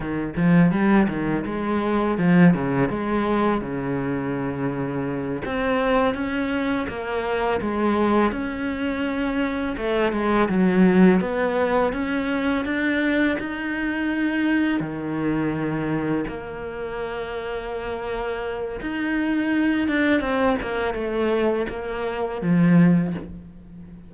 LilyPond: \new Staff \with { instrumentName = "cello" } { \time 4/4 \tempo 4 = 83 dis8 f8 g8 dis8 gis4 f8 cis8 | gis4 cis2~ cis8 c'8~ | c'8 cis'4 ais4 gis4 cis'8~ | cis'4. a8 gis8 fis4 b8~ |
b8 cis'4 d'4 dis'4.~ | dis'8 dis2 ais4.~ | ais2 dis'4. d'8 | c'8 ais8 a4 ais4 f4 | }